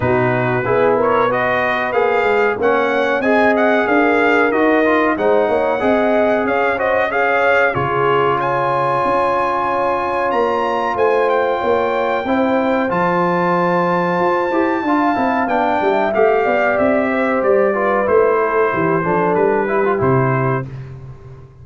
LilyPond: <<
  \new Staff \with { instrumentName = "trumpet" } { \time 4/4 \tempo 4 = 93 b'4. cis''8 dis''4 f''4 | fis''4 gis''8 fis''8 f''4 dis''4 | fis''2 f''8 dis''8 f''4 | cis''4 gis''2. |
ais''4 gis''8 g''2~ g''8 | a''1 | g''4 f''4 e''4 d''4 | c''2 b'4 c''4 | }
  \new Staff \with { instrumentName = "horn" } { \time 4/4 fis'4 gis'8 ais'8 b'2 | cis''4 dis''4 ais'2 | c''8 cis''8 dis''4 cis''8 c''8 cis''4 | gis'4 cis''2.~ |
cis''4 c''4 cis''4 c''4~ | c''2. f''4~ | f''8 e''4 d''4 c''4 b'8~ | b'8 a'8 g'8 a'4 g'4. | }
  \new Staff \with { instrumentName = "trombone" } { \time 4/4 dis'4 e'4 fis'4 gis'4 | cis'4 gis'2 fis'8 f'8 | dis'4 gis'4. fis'8 gis'4 | f'1~ |
f'2. e'4 | f'2~ f'8 g'8 f'8 e'8 | d'4 g'2~ g'8 f'8 | e'4. d'4 e'16 f'16 e'4 | }
  \new Staff \with { instrumentName = "tuba" } { \time 4/4 b,4 b2 ais8 gis8 | ais4 c'4 d'4 dis'4 | gis8 ais8 c'4 cis'2 | cis2 cis'2 |
ais4 a4 ais4 c'4 | f2 f'8 e'8 d'8 c'8 | b8 g8 a8 b8 c'4 g4 | a4 e8 f8 g4 c4 | }
>>